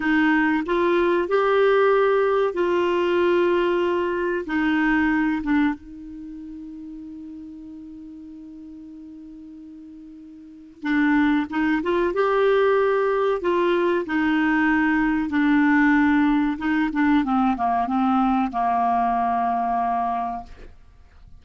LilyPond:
\new Staff \with { instrumentName = "clarinet" } { \time 4/4 \tempo 4 = 94 dis'4 f'4 g'2 | f'2. dis'4~ | dis'8 d'8 dis'2.~ | dis'1~ |
dis'4 d'4 dis'8 f'8 g'4~ | g'4 f'4 dis'2 | d'2 dis'8 d'8 c'8 ais8 | c'4 ais2. | }